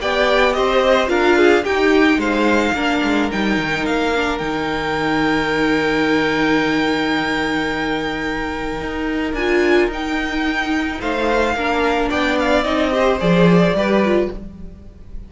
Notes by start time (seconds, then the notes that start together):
0.00 B3 G4 D5 G5
0.53 C4 C5 D#5
1.07 D4 F4 A#4 F5
1.37 G#4
1.63 D#4 G4 G5
2.17 G#3 C5 F5
2.73 A#3 D4 A#4
3.03 G#3
3.31 G3 D#4 G5
3.58 D#3
3.85 A#3 F5
4.15 D4
4.38 D#3 D#4 G5
8.80 D#4
9.33 D4 F4 G#5
9.87 D#4 G5
11.00 A3 C5 F5
11.54 A#3 D4 A#4
12.09 B3 D5 G5
12.39 F5
12.63 C4 D#4 D#5
12.91 G4 C5
13.19 F3 G#4 D5
13.73 G3 G4 B4
14.04 F4